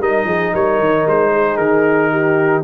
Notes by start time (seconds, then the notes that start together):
0.00 G3 D#4 A#4 D#5
0.25 F3 G#4
0.54 G3 A#4 C#5
0.80 D#3
1.07 G#3 C5
1.32 G#4
1.57 D#3 A#4
2.11 G4